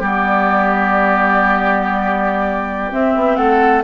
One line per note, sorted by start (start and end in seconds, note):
0.00 2.91 G3
0.00 2.91 B3
0.00 3.37 G4
0.00 2.92 D5
2.91 3.84 C4
2.91 3.15 C4
2.91 3.36 E5
3.16 3.38 B3
3.36 3.84 A3
3.36 3.84 A4
3.36 3.82 F#5